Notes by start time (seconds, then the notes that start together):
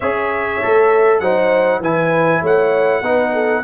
0.00 C#4 G#4 C#5 E5
0.62 A3 A4
1.19 F#3 D#4 C5 F#5
1.80 E3 E4 B4 G#5
2.41 A3 C#5 F#5
3.02 B3 D#4 B4
3.32 A4